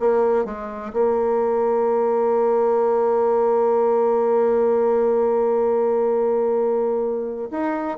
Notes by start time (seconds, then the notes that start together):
0.00 A#3
0.45 G#3
0.93 A#3
7.51 D#4